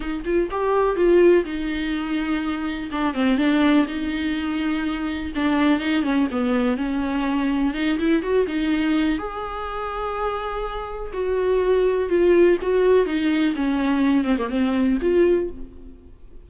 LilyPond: \new Staff \with { instrumentName = "viola" } { \time 4/4 \tempo 4 = 124 dis'8 f'8 g'4 f'4 dis'4~ | dis'2 d'8 c'8 d'4 | dis'2. d'4 | dis'8 cis'8 b4 cis'2 |
dis'8 e'8 fis'8 dis'4. gis'4~ | gis'2. fis'4~ | fis'4 f'4 fis'4 dis'4 | cis'4. c'16 ais16 c'4 f'4 | }